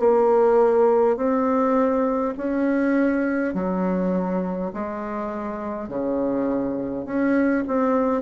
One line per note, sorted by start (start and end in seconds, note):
0.00 1.17 A#3
1.17 2.35 C4
2.38 3.55 C#4
3.55 4.72 F#3
4.74 5.89 G#3
5.89 7.06 C#3
7.06 7.65 C#4
7.68 8.22 C4